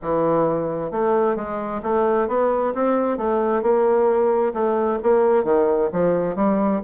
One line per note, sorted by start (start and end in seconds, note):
0.02 0.91 E3
0.91 1.36 A3
1.36 1.81 G#3
1.82 2.27 A3
2.27 2.73 B3
2.74 3.17 C4
3.17 3.62 A3
3.62 4.53 A#3
4.53 4.99 A3
5.02 5.44 A#3
5.44 5.89 D#3
5.92 6.35 F3
6.35 6.81 G3